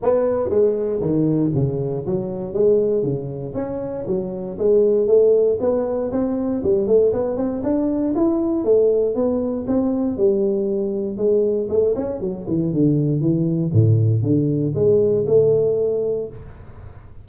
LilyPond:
\new Staff \with { instrumentName = "tuba" } { \time 4/4 \tempo 4 = 118 b4 gis4 dis4 cis4 | fis4 gis4 cis4 cis'4 | fis4 gis4 a4 b4 | c'4 g8 a8 b8 c'8 d'4 |
e'4 a4 b4 c'4 | g2 gis4 a8 cis'8 | fis8 e8 d4 e4 a,4 | d4 gis4 a2 | }